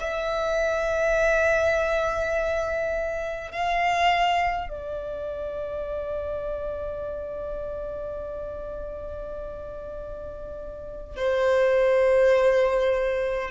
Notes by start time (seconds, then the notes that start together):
0.00 E5
3.51 F5
4.69 D5
11.16 C5